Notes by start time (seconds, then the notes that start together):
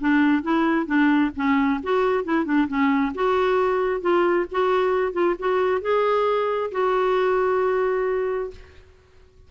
0.00 D4
0.43 E4
0.86 D4
1.36 C#4
1.83 F#4
2.24 E4
2.45 D4
2.67 C#4
3.14 F#4
4.01 F4
4.51 F#4
5.12 F4
5.39 F#4
5.81 G#4
6.71 F#4